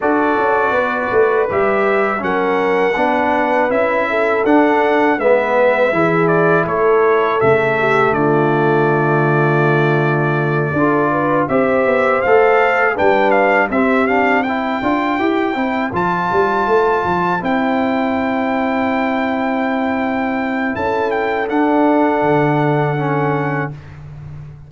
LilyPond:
<<
  \new Staff \with { instrumentName = "trumpet" } { \time 4/4 \tempo 4 = 81 d''2 e''4 fis''4~ | fis''4 e''4 fis''4 e''4~ | e''8 d''8 cis''4 e''4 d''4~ | d''2.~ d''8 e''8~ |
e''8 f''4 g''8 f''8 e''8 f''8 g''8~ | g''4. a''2 g''8~ | g''1 | a''8 g''8 fis''2. | }
  \new Staff \with { instrumentName = "horn" } { \time 4/4 a'4 b'2 ais'4 | b'4. a'4. b'4 | gis'4 a'4. g'8 f'4~ | f'2~ f'8 a'8 b'8 c''8~ |
c''4. b'4 g'4 c''8~ | c''1~ | c''1 | a'1 | }
  \new Staff \with { instrumentName = "trombone" } { \time 4/4 fis'2 g'4 cis'4 | d'4 e'4 d'4 b4 | e'2 a2~ | a2~ a8 f'4 g'8~ |
g'8 a'4 d'4 c'8 d'8 e'8 | f'8 g'8 e'8 f'2 e'8~ | e'1~ | e'4 d'2 cis'4 | }
  \new Staff \with { instrumentName = "tuba" } { \time 4/4 d'8 cis'8 b8 a8 g4 fis4 | b4 cis'4 d'4 gis4 | e4 a4 cis4 d4~ | d2~ d8 d'4 c'8 |
b8 a4 g4 c'4. | d'8 e'8 c'8 f8 g8 a8 f8 c'8~ | c'1 | cis'4 d'4 d2 | }
>>